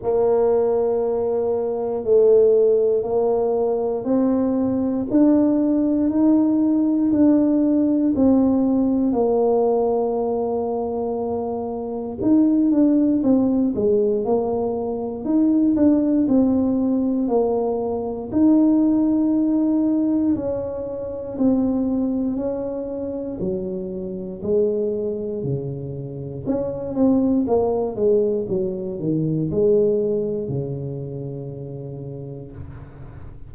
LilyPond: \new Staff \with { instrumentName = "tuba" } { \time 4/4 \tempo 4 = 59 ais2 a4 ais4 | c'4 d'4 dis'4 d'4 | c'4 ais2. | dis'8 d'8 c'8 gis8 ais4 dis'8 d'8 |
c'4 ais4 dis'2 | cis'4 c'4 cis'4 fis4 | gis4 cis4 cis'8 c'8 ais8 gis8 | fis8 dis8 gis4 cis2 | }